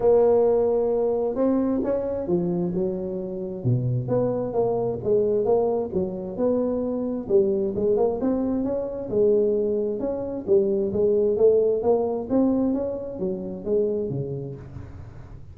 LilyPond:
\new Staff \with { instrumentName = "tuba" } { \time 4/4 \tempo 4 = 132 ais2. c'4 | cis'4 f4 fis2 | b,4 b4 ais4 gis4 | ais4 fis4 b2 |
g4 gis8 ais8 c'4 cis'4 | gis2 cis'4 g4 | gis4 a4 ais4 c'4 | cis'4 fis4 gis4 cis4 | }